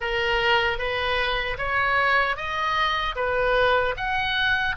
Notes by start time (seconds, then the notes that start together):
0.00 A#4
0.78 B4
1.58 C#5
2.36 D#5
3.15 B4
3.96 F#5